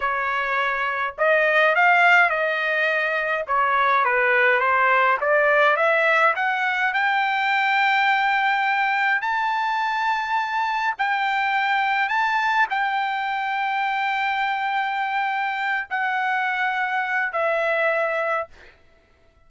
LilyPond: \new Staff \with { instrumentName = "trumpet" } { \time 4/4 \tempo 4 = 104 cis''2 dis''4 f''4 | dis''2 cis''4 b'4 | c''4 d''4 e''4 fis''4 | g''1 |
a''2. g''4~ | g''4 a''4 g''2~ | g''2.~ g''8 fis''8~ | fis''2 e''2 | }